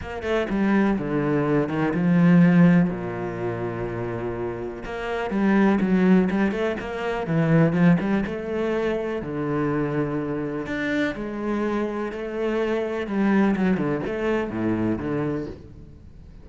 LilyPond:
\new Staff \with { instrumentName = "cello" } { \time 4/4 \tempo 4 = 124 ais8 a8 g4 d4. dis8 | f2 ais,2~ | ais,2 ais4 g4 | fis4 g8 a8 ais4 e4 |
f8 g8 a2 d4~ | d2 d'4 gis4~ | gis4 a2 g4 | fis8 d8 a4 a,4 d4 | }